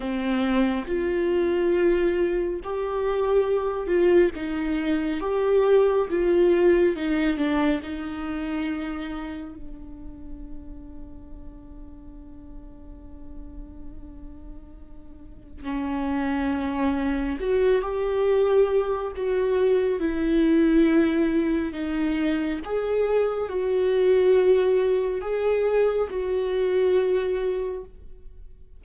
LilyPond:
\new Staff \with { instrumentName = "viola" } { \time 4/4 \tempo 4 = 69 c'4 f'2 g'4~ | g'8 f'8 dis'4 g'4 f'4 | dis'8 d'8 dis'2 d'4~ | d'1~ |
d'2 cis'2 | fis'8 g'4. fis'4 e'4~ | e'4 dis'4 gis'4 fis'4~ | fis'4 gis'4 fis'2 | }